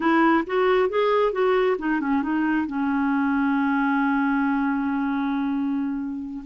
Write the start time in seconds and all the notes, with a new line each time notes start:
0.00 E4
0.46 F#4
0.89 G#4
1.32 F#4
1.78 D#4
2.00 C#4
2.22 D#4
2.66 C#4